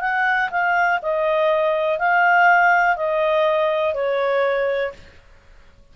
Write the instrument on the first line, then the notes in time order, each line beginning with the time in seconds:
clarinet
0.00 F#5
0.50 F5
1.02 D#5
1.99 F5
2.96 D#5
3.93 C#5